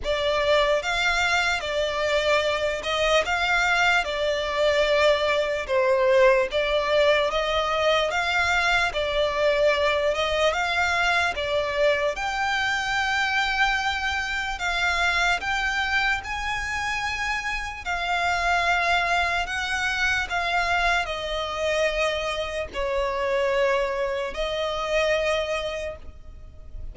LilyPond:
\new Staff \with { instrumentName = "violin" } { \time 4/4 \tempo 4 = 74 d''4 f''4 d''4. dis''8 | f''4 d''2 c''4 | d''4 dis''4 f''4 d''4~ | d''8 dis''8 f''4 d''4 g''4~ |
g''2 f''4 g''4 | gis''2 f''2 | fis''4 f''4 dis''2 | cis''2 dis''2 | }